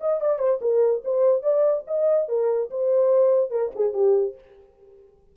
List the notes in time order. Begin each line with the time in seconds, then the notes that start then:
0.00 D#5
0.21 D5
0.38 C5
0.61 A#4
1.04 C5
1.42 D5
1.87 D#5
2.28 A#4
2.70 C5
3.50 A#4
3.75 G#4
3.93 G4